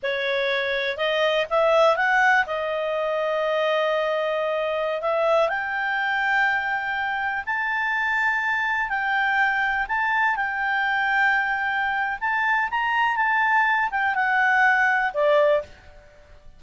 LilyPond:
\new Staff \with { instrumentName = "clarinet" } { \time 4/4 \tempo 4 = 123 cis''2 dis''4 e''4 | fis''4 dis''2.~ | dis''2~ dis''16 e''4 g''8.~ | g''2.~ g''16 a''8.~ |
a''2~ a''16 g''4.~ g''16~ | g''16 a''4 g''2~ g''8.~ | g''4 a''4 ais''4 a''4~ | a''8 g''8 fis''2 d''4 | }